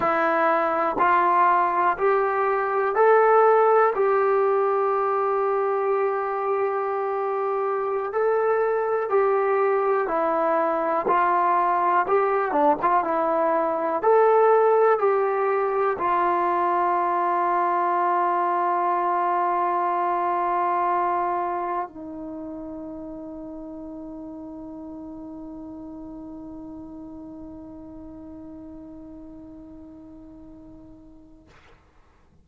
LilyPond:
\new Staff \with { instrumentName = "trombone" } { \time 4/4 \tempo 4 = 61 e'4 f'4 g'4 a'4 | g'1~ | g'16 a'4 g'4 e'4 f'8.~ | f'16 g'8 d'16 f'16 e'4 a'4 g'8.~ |
g'16 f'2.~ f'8.~ | f'2~ f'16 dis'4.~ dis'16~ | dis'1~ | dis'1 | }